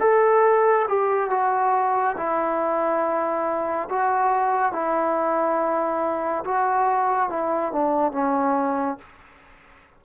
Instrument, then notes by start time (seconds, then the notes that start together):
trombone
0.00 A4
0.88 G4
1.30 F#4
2.17 E4
3.89 F#4
4.73 E4
6.44 F#4
7.29 E4
7.72 D4
8.12 C#4